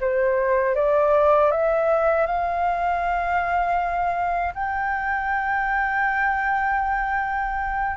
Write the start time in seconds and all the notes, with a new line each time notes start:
0.00 C5
0.75 D5
1.51 E5
2.26 F5
4.54 G5